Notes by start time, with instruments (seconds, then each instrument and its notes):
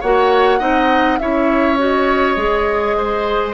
0.00 bassoon A#3, clarinet F#4, oboe C#5, flute F#5
0.59 bassoon C4, clarinet D#4, oboe D#5
1.18 bassoon C#4, clarinet E4, oboe C#5, flute E5
1.77 clarinet F#4, flute D#5
2.36 bassoon G#3, clarinet G#4
2.97 oboe C5